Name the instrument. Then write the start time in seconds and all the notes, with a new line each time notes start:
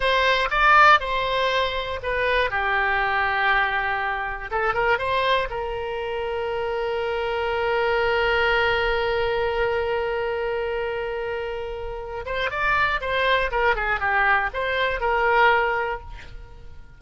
oboe
0.00 C5
0.50 D5
1.00 C5
2.02 B4
2.50 G4
4.50 A4
4.73 A#4
4.98 C5
5.50 A#4
12.25 C5
12.50 D5
13.00 C5
13.51 A#4
13.75 G#4
14.00 G4
14.53 C5
15.00 A#4